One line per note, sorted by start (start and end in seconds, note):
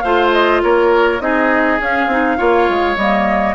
0.00 0.63 A3
0.00 1.20 F4
0.00 0.62 C5
0.00 0.29 F5
0.32 0.62 D#5
0.63 1.20 A#3
0.63 1.22 A#4
0.63 1.21 C#5
1.20 1.79 C4
1.20 1.79 D#4
1.20 2.38 G#4
1.20 1.80 D#5
1.80 2.07 C#4
1.80 2.10 C#4
1.80 2.97 F5
2.07 2.36 C4
2.07 2.37 D#4
2.37 2.69 A#3
2.37 2.96 F4
2.37 3.55 C#5
2.69 2.97 G#3
2.97 3.56 G3
2.97 3.56 A#3
2.97 3.56 D#5